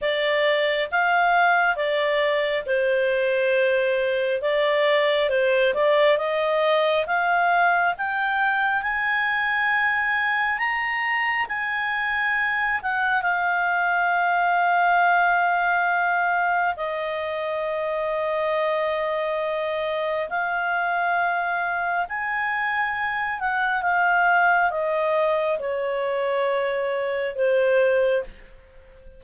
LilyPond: \new Staff \with { instrumentName = "clarinet" } { \time 4/4 \tempo 4 = 68 d''4 f''4 d''4 c''4~ | c''4 d''4 c''8 d''8 dis''4 | f''4 g''4 gis''2 | ais''4 gis''4. fis''8 f''4~ |
f''2. dis''4~ | dis''2. f''4~ | f''4 gis''4. fis''8 f''4 | dis''4 cis''2 c''4 | }